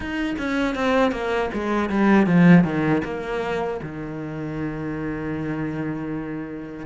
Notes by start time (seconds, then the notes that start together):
0.00 D#4
0.38 C#4
0.75 C4
1.11 A#3
1.53 G#3
1.90 G3
2.26 F3
2.64 D#3
3.04 A#3
3.82 D#3